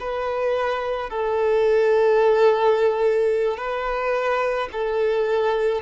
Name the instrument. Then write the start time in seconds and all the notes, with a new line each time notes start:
violin
0.00 B4
1.10 A4
3.58 B4
4.72 A4